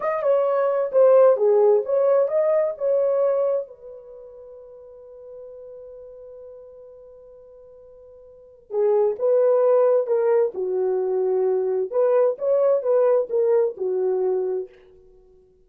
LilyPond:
\new Staff \with { instrumentName = "horn" } { \time 4/4 \tempo 4 = 131 dis''8 cis''4. c''4 gis'4 | cis''4 dis''4 cis''2 | b'1~ | b'1~ |
b'2. gis'4 | b'2 ais'4 fis'4~ | fis'2 b'4 cis''4 | b'4 ais'4 fis'2 | }